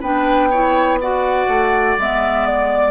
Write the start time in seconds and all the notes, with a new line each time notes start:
0.00 B3 D4 B4 G5
0.50 E4 C#5
1.01 F#4 D5 F#5
1.47 A3
1.98 G#3 B3 E5
2.46 D5